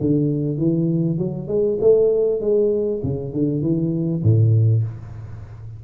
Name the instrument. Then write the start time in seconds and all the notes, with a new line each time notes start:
tuba
0.00 D3
0.57 E3
1.18 F#3
1.47 G#3
1.80 A3
2.40 G#3
3.02 C#3
3.33 D3
3.61 E3
4.23 A2